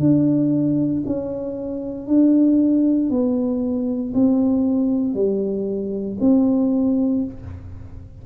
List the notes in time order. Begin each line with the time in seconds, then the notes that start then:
0.00 D4
1.07 C#4
2.08 D4
3.10 B3
4.15 C4
5.14 G3
6.21 C4